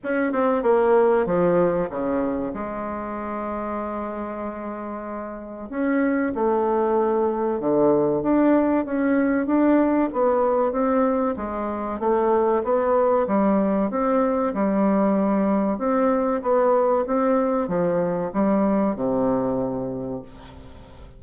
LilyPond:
\new Staff \with { instrumentName = "bassoon" } { \time 4/4 \tempo 4 = 95 cis'8 c'8 ais4 f4 cis4 | gis1~ | gis4 cis'4 a2 | d4 d'4 cis'4 d'4 |
b4 c'4 gis4 a4 | b4 g4 c'4 g4~ | g4 c'4 b4 c'4 | f4 g4 c2 | }